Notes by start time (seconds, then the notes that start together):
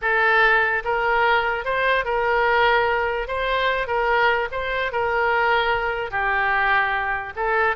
0.01 A4
0.84 A#4
1.64 C5
2.05 A#4
3.27 C5
3.87 A#4
4.51 C5
4.91 A#4
6.11 G4
7.36 A4